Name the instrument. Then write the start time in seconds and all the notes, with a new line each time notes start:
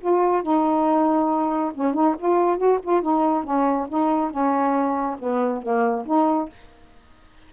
saxophone
0.00 F4
0.42 D#4
1.74 C#4
1.93 D#4
2.18 F4
2.57 F#4
2.83 F4
3.01 D#4
3.43 C#4
3.88 D#4
4.30 C#4
5.19 B3
5.62 A#3
6.05 D#4